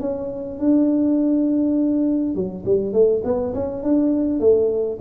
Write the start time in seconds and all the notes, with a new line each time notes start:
0.00 C#4
0.59 D4
2.35 F#3
2.65 G3
2.93 A3
3.24 B3
3.54 C#4
3.83 D4
4.40 A3